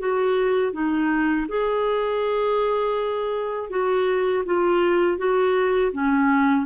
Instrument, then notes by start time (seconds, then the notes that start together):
clarinet
0.00 F#4
0.73 D#4
1.48 G#4
3.70 F#4
4.46 F4
5.18 F#4
5.93 C#4